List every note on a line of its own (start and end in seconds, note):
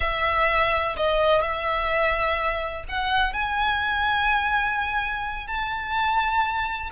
0.00 0.95 E5
0.96 1.41 D#5
1.41 2.84 E5
2.88 3.33 F#5
3.33 5.47 G#5
5.47 6.90 A5